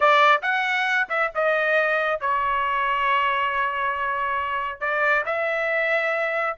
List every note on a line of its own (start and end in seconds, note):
0.00 0.41 D5
0.42 1.07 F#5
1.09 1.31 E5
1.35 2.20 D#5
2.20 4.80 C#5
4.80 5.24 D5
5.25 6.57 E5